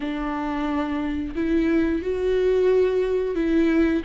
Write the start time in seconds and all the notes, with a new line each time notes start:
0.00 D4
1.35 E4
2.02 F#4
3.35 E4